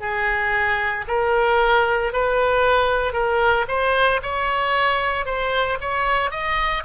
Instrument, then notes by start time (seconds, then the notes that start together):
oboe
0.00 G#4
1.08 A#4
2.12 B4
3.13 A#4
3.68 C5
4.22 C#5
5.25 C5
5.80 C#5
6.31 D#5